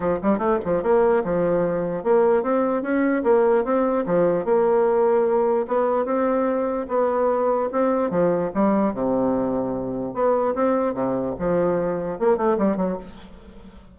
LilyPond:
\new Staff \with { instrumentName = "bassoon" } { \time 4/4 \tempo 4 = 148 f8 g8 a8 f8 ais4 f4~ | f4 ais4 c'4 cis'4 | ais4 c'4 f4 ais4~ | ais2 b4 c'4~ |
c'4 b2 c'4 | f4 g4 c2~ | c4 b4 c'4 c4 | f2 ais8 a8 g8 fis8 | }